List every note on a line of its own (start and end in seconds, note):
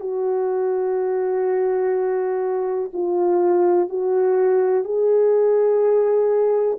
0.00 2.90 F#4
2.93 3.89 F4
3.89 4.84 F#4
4.84 6.78 G#4